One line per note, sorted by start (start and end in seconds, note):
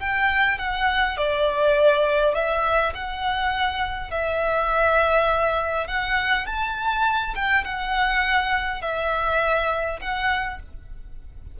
0.00 0.59 G5
0.59 1.18 F#5
1.18 2.34 D5
2.34 2.93 E5
2.95 4.11 F#5
4.11 5.87 E5
5.87 6.46 F#5
6.46 7.34 A5
7.36 7.65 G5
7.65 8.82 F#5
8.82 10.00 E5
10.01 10.60 F#5